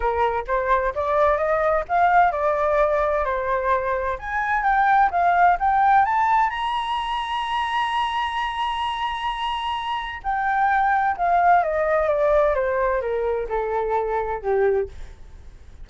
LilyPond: \new Staff \with { instrumentName = "flute" } { \time 4/4 \tempo 4 = 129 ais'4 c''4 d''4 dis''4 | f''4 d''2 c''4~ | c''4 gis''4 g''4 f''4 | g''4 a''4 ais''2~ |
ais''1~ | ais''2 g''2 | f''4 dis''4 d''4 c''4 | ais'4 a'2 g'4 | }